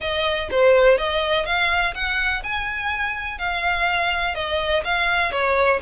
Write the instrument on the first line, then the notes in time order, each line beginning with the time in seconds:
violin
0.00 D#5
0.50 C5
0.98 D#5
1.45 F5
1.94 F#5
2.43 G#5
3.38 F5
4.35 D#5
4.84 F5
5.31 C#5